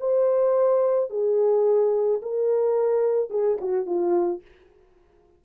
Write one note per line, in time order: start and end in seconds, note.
0.00 1.10 C5
1.10 2.21 G#4
2.22 3.30 A#4
3.30 3.58 G#4
3.61 3.86 F#4
3.86 4.41 F4